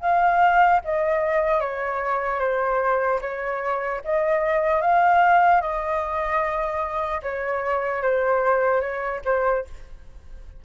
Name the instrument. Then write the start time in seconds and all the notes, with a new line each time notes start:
flute
0.00 F5
0.84 D#5
1.60 C#5
2.40 C5
3.21 C#5
4.04 D#5
4.81 F5
5.61 D#5
7.22 C#5
8.02 C5
8.80 C#5
9.24 C5